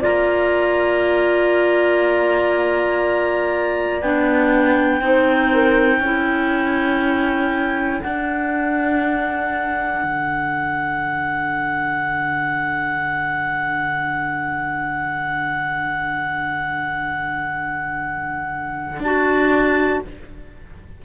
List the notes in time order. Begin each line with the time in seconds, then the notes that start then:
0.00 A#3 F4 D5 A#5
4.02 B3 D4 G5
5.01 C4 D#4 C5
5.53 A#4
6.00 C#4 E4 A4
8.02 D4 F#5
10.04 D3
19.00 D4 F#4 A5